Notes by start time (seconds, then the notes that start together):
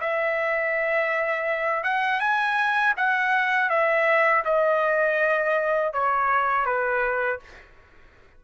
0.00 E5
1.83 F#5
2.20 G#5
2.96 F#5
3.69 E5
4.44 D#5
5.93 C#5
6.65 B4